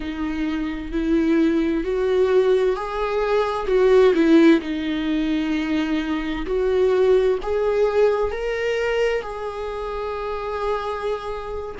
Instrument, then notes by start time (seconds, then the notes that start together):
viola
0.00 D#4
0.91 E4
1.84 F#4
2.76 G#4
3.67 F#4
4.14 E4
4.61 D#4
6.46 F#4
7.42 G#4
8.31 A#4
9.21 G#4